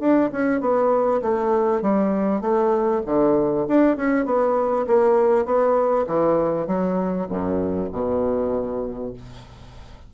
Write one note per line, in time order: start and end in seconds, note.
0.00 0.30 D4
0.32 0.61 C#4
0.61 1.21 B3
1.22 1.82 A3
1.82 2.41 G3
2.41 3.02 A3
3.06 3.67 D3
3.68 3.97 D4
3.97 4.26 C#4
4.26 4.87 B3
4.87 5.46 A#3
5.46 6.06 B3
6.07 6.67 E3
6.67 7.28 F#3
7.29 7.90 F#2
7.93 9.14 B2